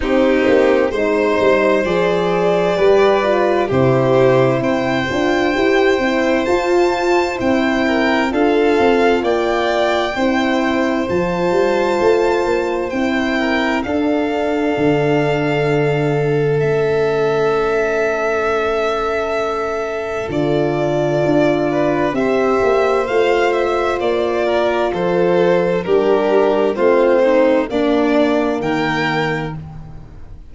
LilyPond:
<<
  \new Staff \with { instrumentName = "violin" } { \time 4/4 \tempo 4 = 65 g'4 c''4 d''2 | c''4 g''2 a''4 | g''4 f''4 g''2 | a''2 g''4 f''4~ |
f''2 e''2~ | e''2 d''2 | e''4 f''8 e''8 d''4 c''4 | ais'4 c''4 d''4 g''4 | }
  \new Staff \with { instrumentName = "violin" } { \time 4/4 dis'4 c''2 b'4 | g'4 c''2.~ | c''8 ais'8 a'4 d''4 c''4~ | c''2~ c''8 ais'8 a'4~ |
a'1~ | a'2.~ a'8 b'8 | c''2~ c''8 ais'8 a'4 | g'4 f'8 dis'8 d'4 ais'4 | }
  \new Staff \with { instrumentName = "horn" } { \time 4/4 c'4 dis'4 gis'4 g'8 f'8 | e'4. f'8 g'8 e'8 f'4 | e'4 f'2 e'4 | f'2 e'4 d'4~ |
d'2 cis'2~ | cis'2 f'2 | g'4 f'2. | d'4 c'4 ais2 | }
  \new Staff \with { instrumentName = "tuba" } { \time 4/4 c'8 ais8 gis8 g8 f4 g4 | c4 c'8 d'8 e'8 c'8 f'4 | c'4 d'8 c'8 ais4 c'4 | f8 g8 a8 ais8 c'4 d'4 |
d2 a2~ | a2 d4 d'4 | c'8 ais8 a4 ais4 f4 | g4 a4 ais4 dis4 | }
>>